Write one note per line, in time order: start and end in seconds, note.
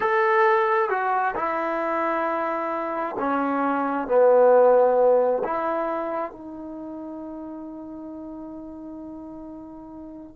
0.00 0.89 A4
0.89 1.34 F#4
1.35 3.16 E4
3.19 4.07 C#4
4.07 5.42 B3
5.44 6.31 E4
6.31 10.36 D#4